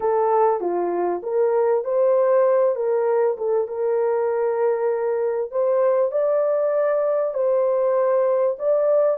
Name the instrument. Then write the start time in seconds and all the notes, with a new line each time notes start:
horn
0.00 A4
0.60 F4
1.22 A#4
1.84 C5
2.75 A#4
3.37 A4
3.67 A#4
5.51 C5
6.11 D5
7.34 C5
8.59 D5